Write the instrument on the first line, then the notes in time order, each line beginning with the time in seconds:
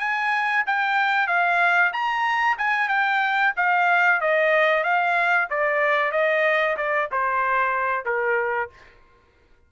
trumpet
0.00 G#5
0.67 G5
1.28 F5
1.93 A#5
2.58 G#5
2.89 G5
3.57 F5
4.21 D#5
4.84 F5
5.50 D5
6.12 D#5
6.77 D5
7.12 C5
8.05 A#4